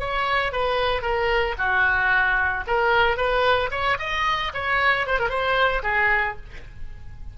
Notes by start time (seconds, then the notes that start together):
0.00 C#5
0.53 B4
1.02 A#4
1.59 F#4
2.67 A#4
3.17 B4
3.71 C#5
3.99 D#5
4.54 C#5
5.07 C5
5.20 A#4
5.30 C5
5.84 G#4